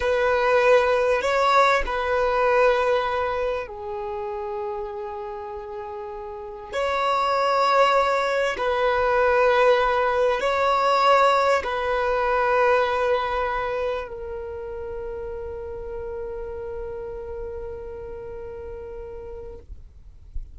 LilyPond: \new Staff \with { instrumentName = "violin" } { \time 4/4 \tempo 4 = 98 b'2 cis''4 b'4~ | b'2 gis'2~ | gis'2. cis''4~ | cis''2 b'2~ |
b'4 cis''2 b'4~ | b'2. ais'4~ | ais'1~ | ais'1 | }